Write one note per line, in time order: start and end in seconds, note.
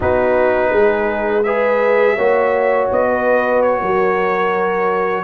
0.00 0.72 B3
0.00 1.43 D#4
0.00 0.70 F#4
0.00 1.43 B4
0.72 2.16 G#3
0.72 1.44 G#4
1.43 2.17 G#4
1.43 2.15 B4
1.43 2.87 E5
2.15 2.89 A#3
2.15 5.24 F#4
2.15 3.06 C#5
2.91 3.81 B3
2.91 3.62 D#5
3.08 3.80 B4
3.62 5.24 C#5
3.80 5.24 F#3
3.80 5.24 A#4